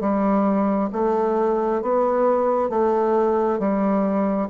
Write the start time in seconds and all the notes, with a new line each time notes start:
0.00 G3
0.92 A3
1.82 B3
2.69 A3
3.59 G3